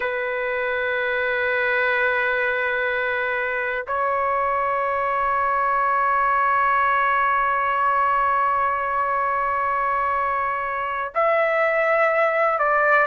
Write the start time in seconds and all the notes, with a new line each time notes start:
0.00 B4
3.87 C#5
11.14 E5
12.59 D5